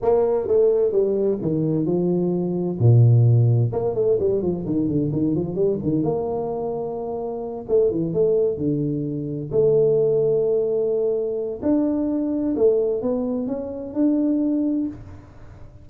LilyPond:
\new Staff \with { instrumentName = "tuba" } { \time 4/4 \tempo 4 = 129 ais4 a4 g4 dis4 | f2 ais,2 | ais8 a8 g8 f8 dis8 d8 dis8 f8 | g8 dis8 ais2.~ |
ais8 a8 e8 a4 d4.~ | d8 a2.~ a8~ | a4 d'2 a4 | b4 cis'4 d'2 | }